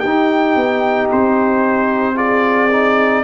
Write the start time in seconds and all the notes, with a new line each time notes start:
0.00 D#4 G4 G5
0.07 D#4
0.56 B3
1.12 C4 C5
2.15 F4 G#4 D5
2.72 D#4